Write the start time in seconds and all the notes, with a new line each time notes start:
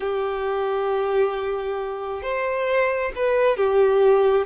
0.00 G4
2.22 C5
3.15 B4
3.57 G4